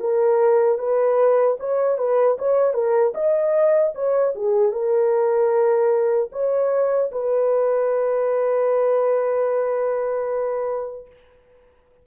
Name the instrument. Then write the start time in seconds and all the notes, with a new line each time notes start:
horn
0.00 A#4
0.79 B4
1.60 C#5
1.98 B4
2.39 C#5
2.74 A#4
3.14 D#5
3.95 C#5
4.35 G#4
4.72 A#4
6.32 C#5
7.12 B4